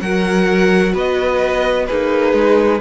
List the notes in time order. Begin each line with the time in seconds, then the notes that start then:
0.00 F#3 F#4 A#4 F#5
0.93 B3 B4 D#5
1.86 A#3 D#4 G#4 B4
2.33 G#3